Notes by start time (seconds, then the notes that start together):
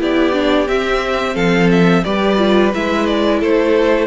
0.00 B3 E4 G4 D5
0.33 D4
0.68 C4 E5
1.35 F3 A4 F5
1.71 E5
2.04 G3 G4 B4 D5
2.38 F4
2.74 G#3 E4 E5
3.06 D5
3.40 A3 A4 C5